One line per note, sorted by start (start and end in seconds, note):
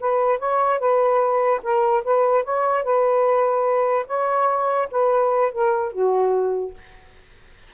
0.00 0.39 B4
0.39 0.79 C#5
0.79 1.61 B4
1.63 2.04 A#4
2.04 2.44 B4
2.44 2.83 C#5
2.83 4.06 B4
4.07 4.88 C#5
4.91 5.52 B4
5.52 5.92 A#4
5.92 6.74 F#4